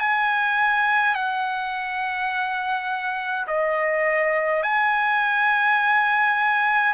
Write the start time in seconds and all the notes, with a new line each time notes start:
0.00 G#5
1.15 F#5
3.48 D#5
4.64 G#5